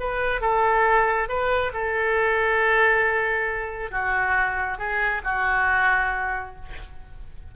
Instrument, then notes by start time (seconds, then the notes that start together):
oboe
0.00 B4
0.41 A4
1.29 B4
1.74 A4
3.91 F#4
4.78 G#4
5.24 F#4